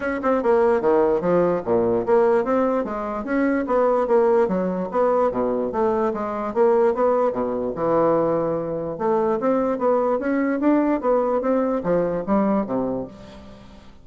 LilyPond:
\new Staff \with { instrumentName = "bassoon" } { \time 4/4 \tempo 4 = 147 cis'8 c'8 ais4 dis4 f4 | ais,4 ais4 c'4 gis4 | cis'4 b4 ais4 fis4 | b4 b,4 a4 gis4 |
ais4 b4 b,4 e4~ | e2 a4 c'4 | b4 cis'4 d'4 b4 | c'4 f4 g4 c4 | }